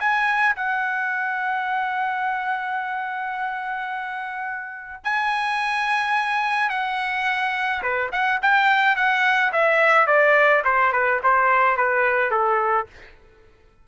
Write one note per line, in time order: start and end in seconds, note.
0.00 0.56 G#5
0.56 5.04 F#5
5.04 6.70 G#5
6.70 7.82 F#5
7.83 8.11 B4
8.12 8.40 F#5
8.42 8.96 G5
8.96 9.52 F#5
9.53 10.07 E5
10.07 10.63 D5
10.65 10.93 C5
10.93 11.21 B4
11.24 11.77 C5
11.77 12.31 B4
12.31 12.87 A4